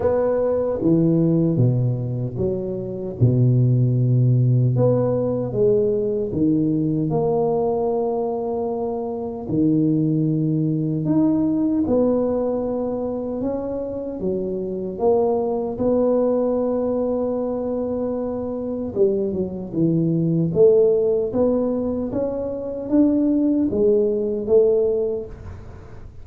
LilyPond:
\new Staff \with { instrumentName = "tuba" } { \time 4/4 \tempo 4 = 76 b4 e4 b,4 fis4 | b,2 b4 gis4 | dis4 ais2. | dis2 dis'4 b4~ |
b4 cis'4 fis4 ais4 | b1 | g8 fis8 e4 a4 b4 | cis'4 d'4 gis4 a4 | }